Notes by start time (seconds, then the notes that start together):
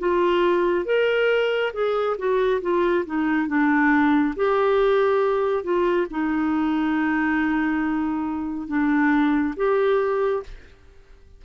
0.00 F4
0.86 A#4
1.74 G#4
2.18 F#4
2.62 F4
3.06 D#4
3.48 D4
4.36 G4
5.64 F4
6.11 D#4
8.68 D4
9.57 G4